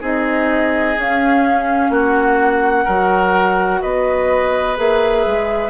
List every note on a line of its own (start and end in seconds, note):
0.00 0.96 C4
0.00 0.95 D#4
0.00 1.91 G#4
0.00 0.99 D#5
0.97 1.89 C#4
0.97 2.86 C#4
0.97 1.92 F5
1.89 2.84 A#3
1.89 2.84 F#4
1.89 3.81 F#5
2.84 3.82 F#3
2.84 4.77 F#4
2.84 3.79 A#4
3.81 4.78 B3
3.81 5.70 B4
3.81 4.77 D#5
4.77 5.26 A#3
4.77 5.70 G#4
4.77 5.70 E5
5.26 5.70 G#3